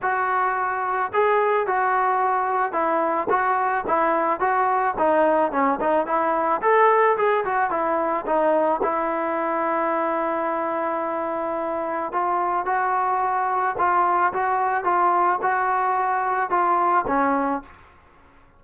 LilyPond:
\new Staff \with { instrumentName = "trombone" } { \time 4/4 \tempo 4 = 109 fis'2 gis'4 fis'4~ | fis'4 e'4 fis'4 e'4 | fis'4 dis'4 cis'8 dis'8 e'4 | a'4 gis'8 fis'8 e'4 dis'4 |
e'1~ | e'2 f'4 fis'4~ | fis'4 f'4 fis'4 f'4 | fis'2 f'4 cis'4 | }